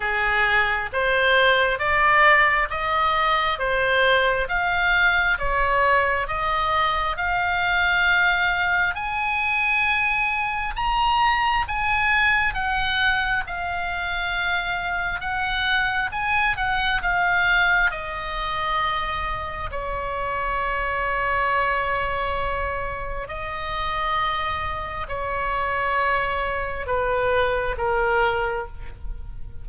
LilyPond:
\new Staff \with { instrumentName = "oboe" } { \time 4/4 \tempo 4 = 67 gis'4 c''4 d''4 dis''4 | c''4 f''4 cis''4 dis''4 | f''2 gis''2 | ais''4 gis''4 fis''4 f''4~ |
f''4 fis''4 gis''8 fis''8 f''4 | dis''2 cis''2~ | cis''2 dis''2 | cis''2 b'4 ais'4 | }